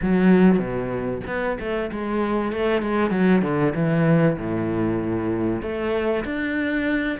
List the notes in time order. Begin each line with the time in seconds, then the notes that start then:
0.01 F#3
0.59 B2
1.27 B3
1.59 A3
1.91 G#3
2.52 A3
2.82 G#3
3.10 F#3
3.42 D3
3.74 E3
4.37 A2
5.62 A3
6.24 D4